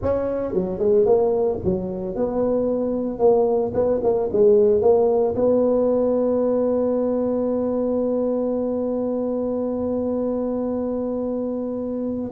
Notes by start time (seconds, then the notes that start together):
0.02 C#4
0.53 F#3
0.79 G#3
1.05 A#3
1.64 F#3
2.15 B3
3.19 A#3
3.74 B3
4.03 A#3
4.32 G#3
4.81 A#3
5.35 B3